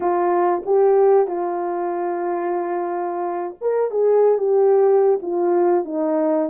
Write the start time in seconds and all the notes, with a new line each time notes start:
0.00 F4
0.65 G4
1.27 F4
3.61 A#4
3.90 G#4
4.38 G4
5.22 F4
5.84 D#4